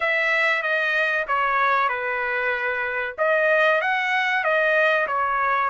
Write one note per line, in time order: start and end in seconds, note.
0.00 0.62 E5
0.62 1.25 D#5
1.27 1.89 C#5
1.89 3.15 B4
3.18 3.81 D#5
3.81 4.44 F#5
4.44 5.07 D#5
5.07 5.69 C#5